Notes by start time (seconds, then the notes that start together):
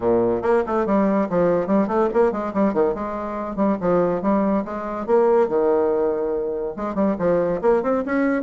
0.00 A#2
0.42 A#3
0.66 A3
0.85 G3
1.29 F3
1.66 G3
1.87 A3
2.13 A#3
2.32 G#3
2.53 G3
2.73 D#3
2.94 G#3
3.56 G3
3.80 F3
4.22 G3
4.64 G#3
5.06 A#3
5.48 D#3
6.76 G#3
6.94 G3
7.18 F3
7.61 A#3
7.82 C4
8.05 C#4